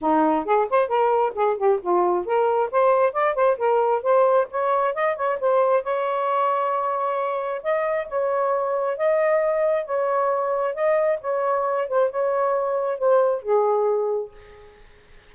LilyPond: \new Staff \with { instrumentName = "saxophone" } { \time 4/4 \tempo 4 = 134 dis'4 gis'8 c''8 ais'4 gis'8 g'8 | f'4 ais'4 c''4 d''8 c''8 | ais'4 c''4 cis''4 dis''8 cis''8 | c''4 cis''2.~ |
cis''4 dis''4 cis''2 | dis''2 cis''2 | dis''4 cis''4. c''8 cis''4~ | cis''4 c''4 gis'2 | }